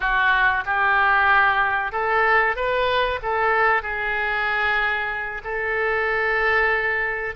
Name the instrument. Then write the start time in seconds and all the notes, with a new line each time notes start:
oboe
0.00 F#4
0.65 G4
1.91 A4
2.55 B4
3.22 A4
3.82 G#4
5.43 A4